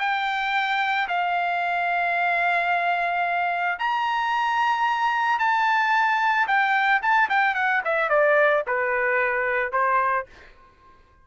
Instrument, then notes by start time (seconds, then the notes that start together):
trumpet
0.00 G5
1.09 F5
3.79 A#5
5.40 A5
6.48 G5
7.02 A5
7.30 G5
7.55 F#5
7.85 E5
8.10 D5
8.67 B4
9.73 C5